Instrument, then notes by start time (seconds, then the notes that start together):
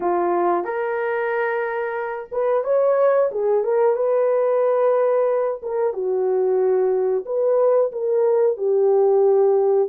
horn
0.00 F4
0.64 A#4
2.31 B4
2.64 C#5
3.31 G#4
3.64 A#4
3.96 B4
5.62 A#4
5.93 F#4
7.25 B4
7.92 A#4
8.57 G4